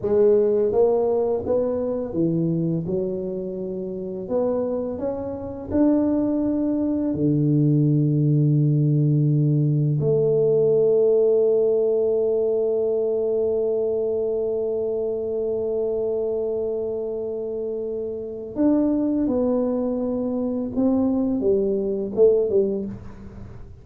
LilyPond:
\new Staff \with { instrumentName = "tuba" } { \time 4/4 \tempo 4 = 84 gis4 ais4 b4 e4 | fis2 b4 cis'4 | d'2 d2~ | d2 a2~ |
a1~ | a1~ | a2 d'4 b4~ | b4 c'4 g4 a8 g8 | }